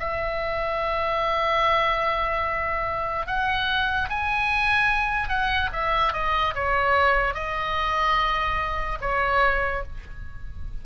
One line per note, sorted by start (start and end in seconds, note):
0.00 3.27 E5
3.27 4.09 F#5
4.10 5.29 G#5
5.29 5.70 F#5
5.73 6.13 E5
6.13 6.55 D#5
6.55 7.35 C#5
7.35 8.99 D#5
9.01 9.84 C#5